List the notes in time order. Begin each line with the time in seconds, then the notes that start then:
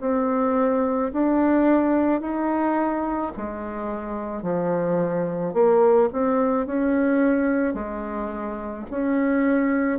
0.00 C4
1.13 D4
2.21 D#4
3.36 G#3
4.42 F3
5.54 A#3
6.12 C4
6.66 C#4
7.74 G#3
8.90 C#4